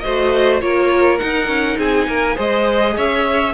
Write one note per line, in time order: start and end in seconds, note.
0.00 0.61 A3
0.00 0.61 F#4
0.00 0.62 C5
0.00 0.58 D#5
0.61 1.20 A#3
0.61 1.19 F4
0.61 1.78 A#4
0.61 1.19 C#5
1.19 2.35 D#4
1.19 1.48 D#4
1.19 1.77 F#5
1.48 1.77 C#4
1.78 2.07 C4
1.78 2.08 G#4
1.78 2.37 G#5
2.07 2.36 A#3
2.07 2.36 A#4
2.35 2.97 G#3
2.35 3.51 G#4
2.35 2.94 C5
2.35 2.97 D#5
2.97 3.54 C#4
2.97 3.54 C#5
2.97 3.54 E5